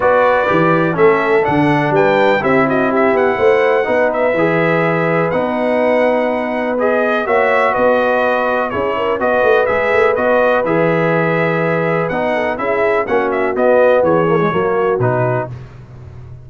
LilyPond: <<
  \new Staff \with { instrumentName = "trumpet" } { \time 4/4 \tempo 4 = 124 d''2 e''4 fis''4 | g''4 e''8 dis''8 e''8 fis''4.~ | fis''8 e''2~ e''8 fis''4~ | fis''2 dis''4 e''4 |
dis''2 cis''4 dis''4 | e''4 dis''4 e''2~ | e''4 fis''4 e''4 fis''8 e''8 | dis''4 cis''2 b'4 | }
  \new Staff \with { instrumentName = "horn" } { \time 4/4 b'2 a'2 | b'4 g'8 fis'8 g'4 c''4 | b'1~ | b'2. cis''4 |
b'2 gis'8 ais'8 b'4~ | b'1~ | b'4. a'8 gis'4 fis'4~ | fis'4 gis'4 fis'2 | }
  \new Staff \with { instrumentName = "trombone" } { \time 4/4 fis'4 g'4 cis'4 d'4~ | d'4 e'2. | dis'4 gis'2 dis'4~ | dis'2 gis'4 fis'4~ |
fis'2 e'4 fis'4 | gis'4 fis'4 gis'2~ | gis'4 dis'4 e'4 cis'4 | b4. ais16 gis16 ais4 dis'4 | }
  \new Staff \with { instrumentName = "tuba" } { \time 4/4 b4 e4 a4 d4 | g4 c'4. b8 a4 | b4 e2 b4~ | b2. ais4 |
b2 cis'4 b8 a8 | gis8 a8 b4 e2~ | e4 b4 cis'4 ais4 | b4 e4 fis4 b,4 | }
>>